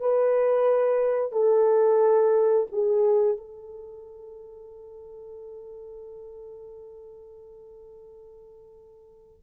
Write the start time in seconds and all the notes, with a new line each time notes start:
0.00 B4
1.32 A4
2.72 G#4
3.37 A4